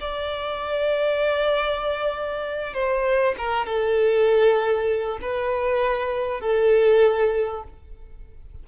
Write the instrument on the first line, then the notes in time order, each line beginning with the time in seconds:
violin
0.00 D5
2.74 C5
3.38 A#4
3.66 A4
5.21 B4
6.40 A4